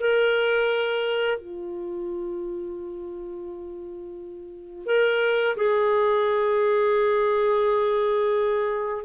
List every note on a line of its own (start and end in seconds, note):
0.00 1.38 A#4
1.38 4.86 F4
4.86 5.56 A#4
5.57 9.05 G#4